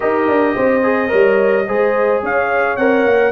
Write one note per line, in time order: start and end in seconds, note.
0.00 0.27 D#4
0.00 0.81 G4
0.00 0.55 A#4
0.00 2.22 D#5
0.27 0.55 D4
0.55 1.12 C4
0.55 1.10 C5
0.83 1.08 G#4
1.08 1.68 G3
1.08 1.64 A#4
1.08 1.65 C#5
1.67 2.22 G#3
1.67 2.78 G#4
1.67 2.22 C5
2.22 2.77 C#4
2.22 3.31 C#5
2.22 2.76 F5
2.76 3.05 C4
2.76 3.31 A#4
2.76 3.31 F#5
3.05 3.31 A#3